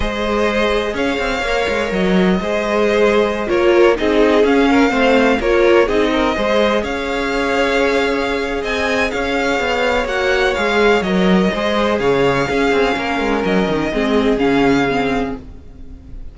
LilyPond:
<<
  \new Staff \with { instrumentName = "violin" } { \time 4/4 \tempo 4 = 125 dis''2 f''2 | dis''2.~ dis''16 cis''8.~ | cis''16 dis''4 f''2 cis''8.~ | cis''16 dis''2 f''4.~ f''16~ |
f''2 gis''4 f''4~ | f''4 fis''4 f''4 dis''4~ | dis''4 f''2. | dis''2 f''2 | }
  \new Staff \with { instrumentName = "violin" } { \time 4/4 c''2 cis''2~ | cis''4 c''2~ c''16 ais'8.~ | ais'16 gis'4. ais'8 c''4 ais'8.~ | ais'16 gis'8 ais'8 c''4 cis''4.~ cis''16~ |
cis''2 dis''4 cis''4~ | cis''1 | c''4 cis''4 gis'4 ais'4~ | ais'4 gis'2. | }
  \new Staff \with { instrumentName = "viola" } { \time 4/4 gis'2. ais'4~ | ais'4 gis'2~ gis'16 f'8.~ | f'16 dis'4 cis'4 c'4 f'8.~ | f'16 dis'4 gis'2~ gis'8.~ |
gis'1~ | gis'4 fis'4 gis'4 ais'4 | gis'2 cis'2~ | cis'4 c'4 cis'4 c'4 | }
  \new Staff \with { instrumentName = "cello" } { \time 4/4 gis2 cis'8 c'8 ais8 gis8 | fis4 gis2~ gis16 ais8.~ | ais16 c'4 cis'4 a4 ais8.~ | ais16 c'4 gis4 cis'4.~ cis'16~ |
cis'2 c'4 cis'4 | b4 ais4 gis4 fis4 | gis4 cis4 cis'8 c'8 ais8 gis8 | fis8 dis8 gis4 cis2 | }
>>